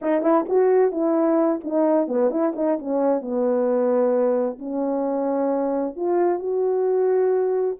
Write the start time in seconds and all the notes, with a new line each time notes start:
0.01 D#4
0.22 E4
0.48 F#4
0.91 E4
1.64 D#4
2.07 B3
2.30 E4
2.55 D#4
2.78 C#4
3.21 B3
4.58 C#4
5.96 F4
6.39 F#4